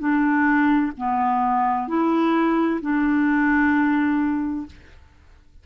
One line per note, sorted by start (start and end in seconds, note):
0.00 0.92 D4
0.98 1.88 B3
1.88 2.81 E4
2.82 4.67 D4